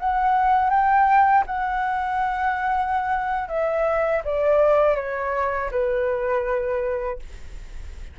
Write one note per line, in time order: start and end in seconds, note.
0.00 0.70 F#5
0.70 1.44 G5
1.46 3.48 F#5
3.48 4.23 E5
4.25 4.96 D5
4.96 5.70 C#5
5.71 7.19 B4